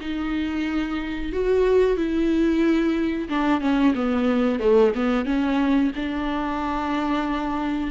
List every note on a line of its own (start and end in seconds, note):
0.00 1.32 D#4
1.32 1.96 F#4
1.96 3.28 E4
3.29 3.61 D4
3.61 3.94 C#4
3.94 4.59 B3
4.59 4.92 A3
4.95 5.25 B3
5.25 5.91 C#4
5.96 7.91 D4